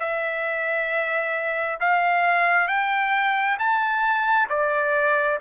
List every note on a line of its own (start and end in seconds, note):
0.00 1.79 E5
1.80 2.68 F5
2.68 3.57 G5
3.59 4.49 A5
4.49 5.39 D5